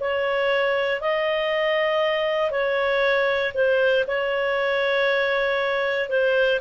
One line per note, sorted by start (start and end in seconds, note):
0.00 1.00 C#5
1.00 2.51 D#5
2.51 3.52 C#5
3.54 4.04 C5
4.07 6.09 C#5
6.09 6.60 C5